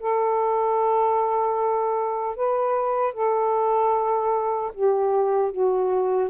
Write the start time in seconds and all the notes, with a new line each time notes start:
0.00 A4
2.36 B4
3.14 A4
4.74 G4
5.52 F#4